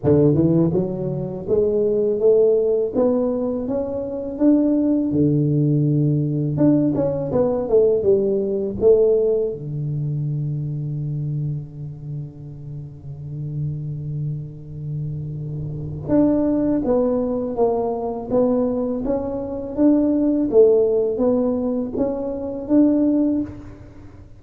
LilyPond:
\new Staff \with { instrumentName = "tuba" } { \time 4/4 \tempo 4 = 82 d8 e8 fis4 gis4 a4 | b4 cis'4 d'4 d4~ | d4 d'8 cis'8 b8 a8 g4 | a4 d2.~ |
d1~ | d2 d'4 b4 | ais4 b4 cis'4 d'4 | a4 b4 cis'4 d'4 | }